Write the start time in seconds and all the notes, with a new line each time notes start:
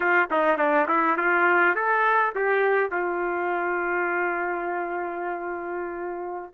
0.00 F4
0.30 D#4
0.57 D4
0.87 E4
1.17 F4
1.75 A4
2.35 G4
2.90 F4